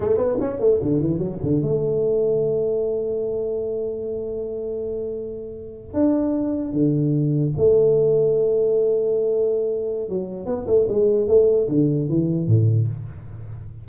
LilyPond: \new Staff \with { instrumentName = "tuba" } { \time 4/4 \tempo 4 = 149 a8 b8 cis'8 a8 d8 e8 fis8 d8 | a1~ | a1~ | a2~ a8. d'4~ d'16~ |
d'8. d2 a4~ a16~ | a1~ | a4 fis4 b8 a8 gis4 | a4 d4 e4 a,4 | }